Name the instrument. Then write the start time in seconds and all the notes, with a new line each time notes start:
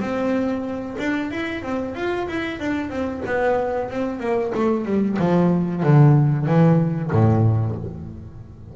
double bass
0.00 C4
0.99 D4
1.31 E4
1.63 C4
1.96 F4
2.28 E4
2.60 D4
2.90 C4
3.26 B3
3.90 C4
4.20 A#3
4.55 A3
4.86 G3
5.20 F3
5.83 D3
6.47 E3
7.12 A2